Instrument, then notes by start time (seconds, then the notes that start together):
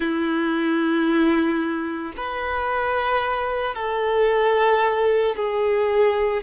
violin
0.00 E4
2.17 B4
3.75 A4
5.36 G#4